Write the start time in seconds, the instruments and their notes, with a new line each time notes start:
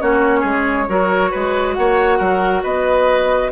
0.00 bassoon A#3, clarinet C#4, oboe F#4, flute C#5
0.40 bassoon G#3, oboe G#4
0.89 bassoon F#3, clarinet F#4, oboe A#4
1.31 bassoon G#3, oboe B4
1.74 bassoon A#3, oboe C#5, flute F#5
2.18 bassoon F#3, oboe A#4
2.64 bassoon B3, oboe B4, flute D#5